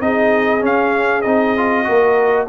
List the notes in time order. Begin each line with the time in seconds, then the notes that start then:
0.00 C4 D#4 G#4 D#5
0.60 C#4 F5
1.21 C4 D#4 D#5
1.57 F4
1.84 A#3 F#4 A#4